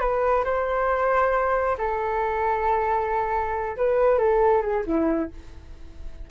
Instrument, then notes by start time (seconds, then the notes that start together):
flute
0.00 B4
0.45 C5
1.78 A4
3.77 B4
4.18 A4
4.62 G#4
4.86 E4